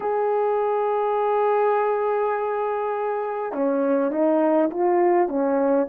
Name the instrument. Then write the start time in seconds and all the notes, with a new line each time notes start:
horn
0.00 G#4
3.52 C#4
4.11 D#4
4.70 F4
5.28 C#4